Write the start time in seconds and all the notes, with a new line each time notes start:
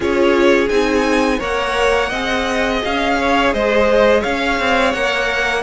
0.00 C#4 F4 G#4 C#5
0.69 C4 D#4 G#5
1.38 A#3 A#4 C#5 F#5
2.09 C4 G#4 D#5
2.84 C#4 F5
3.19 C#5
3.53 G#3 C5 D#5
4.20 C#4 C#5 F5
4.59 C4
4.92 A#3 A#4 F#5